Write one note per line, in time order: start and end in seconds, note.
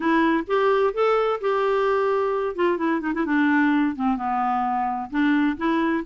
0.00 0.44 E4
0.47 0.93 G4
0.93 1.40 A4
1.40 2.55 G4
2.55 2.77 F4
2.77 3.00 E4
3.01 3.12 D#4
3.14 3.25 E4
3.25 3.95 D4
3.95 4.16 C4
4.16 5.10 B3
5.10 5.56 D4
5.57 6.03 E4